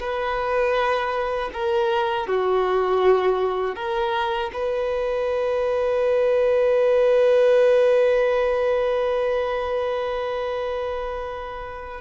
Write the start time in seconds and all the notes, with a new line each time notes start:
0.00 B4
1.53 A#4
2.27 F#4
3.76 A#4
4.53 B4